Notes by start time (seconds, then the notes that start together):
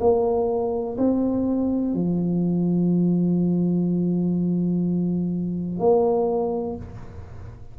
0.00 A#3
0.98 C4
1.94 F3
5.79 A#3